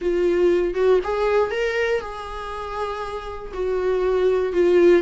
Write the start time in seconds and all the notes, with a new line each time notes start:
0.01 F4
0.74 F#4
1.03 G#4
1.50 A#4
2.00 G#4
3.53 F#4
4.52 F4